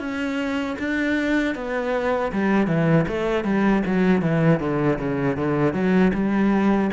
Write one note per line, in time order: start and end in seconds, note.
0.00 0.77 C#4
0.79 1.56 D4
1.56 2.33 B3
2.33 2.67 G3
2.67 3.06 E3
3.08 3.45 A3
3.45 3.83 G3
3.86 4.22 F#3
4.22 4.60 E3
4.60 4.99 D3
4.99 5.37 C#3
5.37 5.74 D3
5.74 6.12 F#3
6.14 6.91 G3